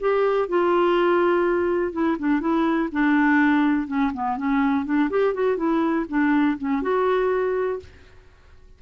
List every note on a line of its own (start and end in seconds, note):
0.00 0.49 G4
0.49 1.92 F4
1.92 2.17 E4
2.19 2.40 D4
2.40 2.89 E4
2.92 3.87 D4
3.87 4.12 C#4
4.14 4.37 B3
4.37 4.85 C#4
4.85 5.10 D4
5.10 5.34 G4
5.34 5.57 F#4
5.57 6.06 E4
6.09 6.57 D4
6.58 6.82 C#4
6.82 7.80 F#4